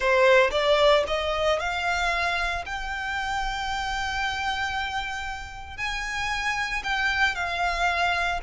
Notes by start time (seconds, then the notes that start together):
0.00 C5
0.51 D5
1.07 D#5
1.59 F5
2.65 G5
5.77 G#5
6.83 G5
7.35 F5